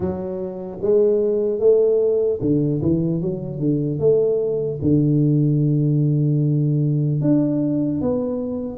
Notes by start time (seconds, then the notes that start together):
0.00 F#3
0.81 G#3
1.59 A3
2.41 D3
2.81 E3
3.21 F#3
3.59 D3
3.99 A3
4.81 D3
7.21 D4
8.01 B3